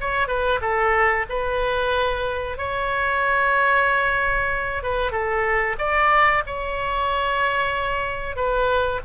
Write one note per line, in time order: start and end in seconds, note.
0.00 0.27 C#5
0.27 0.60 B4
0.61 1.25 A4
1.29 2.57 B4
2.57 4.83 C#5
4.83 5.11 B4
5.11 5.76 A4
5.78 6.43 D5
6.46 8.36 C#5
8.36 9.00 B4